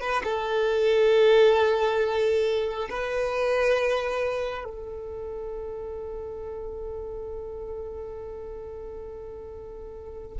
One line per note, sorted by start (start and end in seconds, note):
0.00 0.22 B4
0.24 2.88 A4
2.89 4.64 B4
4.64 10.38 A4